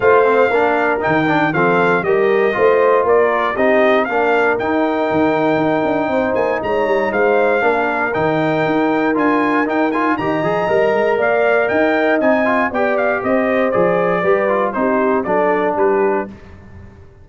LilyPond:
<<
  \new Staff \with { instrumentName = "trumpet" } { \time 4/4 \tempo 4 = 118 f''2 g''4 f''4 | dis''2 d''4 dis''4 | f''4 g''2.~ | g''8 gis''8 ais''4 f''2 |
g''2 gis''4 g''8 gis''8 | ais''2 f''4 g''4 | gis''4 g''8 f''8 dis''4 d''4~ | d''4 c''4 d''4 b'4 | }
  \new Staff \with { instrumentName = "horn" } { \time 4/4 c''4 ais'2 a'4 | ais'4 c''4 ais'4 g'4 | ais'1 | c''4 cis''4 c''4 ais'4~ |
ais'1 | dis''2 d''4 dis''4~ | dis''4 d''4 c''2 | b'4 g'4 a'4 g'4 | }
  \new Staff \with { instrumentName = "trombone" } { \time 4/4 f'8 c'8 d'4 dis'8 d'8 c'4 | g'4 f'2 dis'4 | d'4 dis'2.~ | dis'2. d'4 |
dis'2 f'4 dis'8 f'8 | g'8 gis'8 ais'2. | dis'8 f'8 g'2 gis'4 | g'8 f'8 dis'4 d'2 | }
  \new Staff \with { instrumentName = "tuba" } { \time 4/4 a4 ais4 dis4 f4 | g4 a4 ais4 c'4 | ais4 dis'4 dis4 dis'8 d'8 | c'8 ais8 gis8 g8 gis4 ais4 |
dis4 dis'4 d'4 dis'4 | dis8 f8 g8 gis8 ais4 dis'4 | c'4 b4 c'4 f4 | g4 c'4 fis4 g4 | }
>>